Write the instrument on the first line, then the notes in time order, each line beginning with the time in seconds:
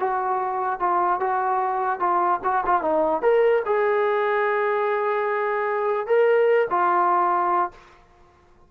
trombone
0.00 F#4
0.80 F4
1.21 F#4
2.00 F4
2.45 F#4
2.66 F4
2.82 D#4
3.22 A#4
3.66 G#4
6.07 A#4
6.70 F4